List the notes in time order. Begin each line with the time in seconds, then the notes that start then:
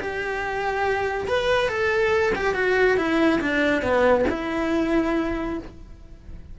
0.00 G4
1.27 B4
1.68 A4
2.35 G4
2.54 F#4
2.97 E4
3.40 D4
3.82 B3
4.29 E4